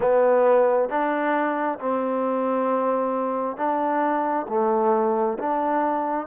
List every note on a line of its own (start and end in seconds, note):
0.00 0.89 B3
0.89 1.79 D4
1.79 3.57 C4
3.57 4.46 D4
4.48 5.37 A3
5.39 6.27 D4